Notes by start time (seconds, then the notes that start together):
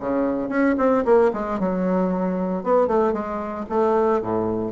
0.00 C#3
0.49 C#4
0.78 C4
1.05 A#3
1.34 G#3
1.60 F#3
2.63 B3
2.88 A3
3.13 G#3
3.70 A3
4.22 A2